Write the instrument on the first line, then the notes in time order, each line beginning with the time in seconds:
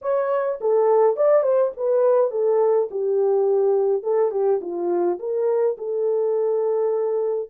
horn
0.01 C#5
0.60 A4
1.16 D5
1.42 C5
1.76 B4
2.31 A4
2.90 G4
4.02 A4
4.31 G4
4.61 F4
5.19 A#4
5.77 A4